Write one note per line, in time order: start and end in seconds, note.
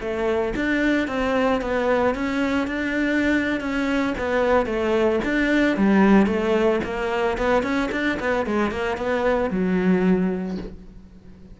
0.00 0.54 A3
0.55 1.07 D4
1.07 1.61 C4
1.61 2.14 B3
2.14 2.67 C#4
2.67 3.60 D4
3.60 4.14 C#4
4.17 4.66 B3
4.66 5.19 A3
5.24 5.76 D4
5.76 6.26 G3
6.26 6.79 A3
6.84 7.37 A#3
7.37 7.62 B3
7.62 7.89 C#4
7.91 8.18 D4
8.19 8.45 B3
8.45 8.71 G#3
8.71 8.97 A#3
8.97 9.50 B3
9.50 10.57 F#3